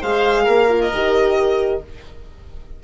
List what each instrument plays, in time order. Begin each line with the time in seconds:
0.00 bassoon G#3, horn G#4, oboe C5, violin F5
0.44 bassoon A#3, oboe A#4
0.69 horn F4
0.81 violin D#5
0.92 bassoon D#3, horn G4